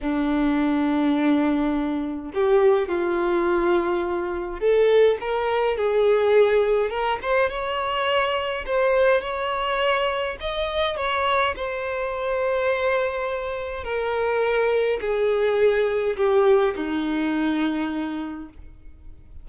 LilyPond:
\new Staff \with { instrumentName = "violin" } { \time 4/4 \tempo 4 = 104 d'1 | g'4 f'2. | a'4 ais'4 gis'2 | ais'8 c''8 cis''2 c''4 |
cis''2 dis''4 cis''4 | c''1 | ais'2 gis'2 | g'4 dis'2. | }